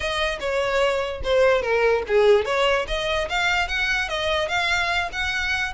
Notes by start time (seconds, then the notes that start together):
0.00 D#5
0.40 C#5
1.23 C5
1.61 A#4
2.07 G#4
2.45 C#5
2.87 D#5
3.29 F5
3.68 F#5
4.08 D#5
4.48 F5
5.12 F#5